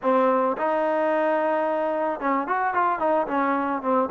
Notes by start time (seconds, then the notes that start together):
0.02 C4
0.57 D#4
2.20 C#4
2.47 F#4
2.73 F4
2.99 D#4
3.27 C#4
3.82 C4